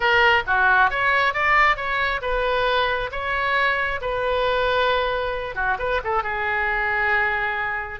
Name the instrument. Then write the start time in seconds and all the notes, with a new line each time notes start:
oboe
0.00 A#4
0.46 F#4
0.90 C#5
1.33 D5
1.76 C#5
2.21 B4
3.11 C#5
4.01 B4
5.55 F#4
5.79 B4
6.03 A4
6.23 G#4